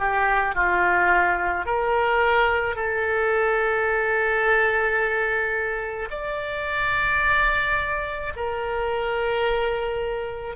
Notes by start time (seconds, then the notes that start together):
0.00 G4
0.55 F4
1.66 A#4
2.76 A4
6.11 D5
8.36 A#4